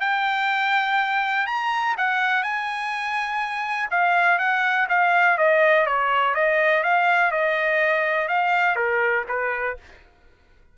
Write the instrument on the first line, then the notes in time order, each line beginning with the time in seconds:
trumpet
0.00 G5
1.47 A#5
1.97 F#5
2.43 G#5
3.90 F5
4.39 F#5
4.89 F5
5.37 D#5
5.86 C#5
6.35 D#5
6.83 F5
7.31 D#5
8.28 F5
8.76 A#4
9.28 B4